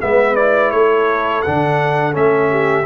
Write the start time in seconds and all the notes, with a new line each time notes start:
0.00 G#3 B3 B4 E5
0.35 E4 D5
0.71 A3 A4 C#5
1.42 D3 D4 F#5
2.12 A3 C#4 E5
2.50 G4